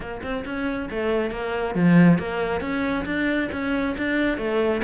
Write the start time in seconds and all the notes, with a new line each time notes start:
0.00 A#3
0.22 C4
0.45 C#4
0.90 A3
1.31 A#3
1.74 F3
2.18 A#3
2.61 C#4
3.05 D4
3.52 C#4
3.97 D4
4.37 A3